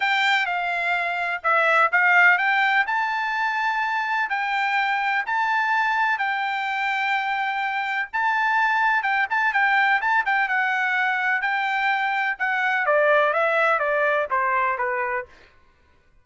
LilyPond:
\new Staff \with { instrumentName = "trumpet" } { \time 4/4 \tempo 4 = 126 g''4 f''2 e''4 | f''4 g''4 a''2~ | a''4 g''2 a''4~ | a''4 g''2.~ |
g''4 a''2 g''8 a''8 | g''4 a''8 g''8 fis''2 | g''2 fis''4 d''4 | e''4 d''4 c''4 b'4 | }